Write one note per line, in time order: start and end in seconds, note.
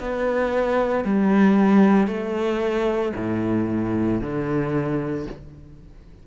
0.00 1.05 B3
1.05 2.08 G3
2.08 3.13 A3
3.17 4.22 A2
4.22 5.27 D3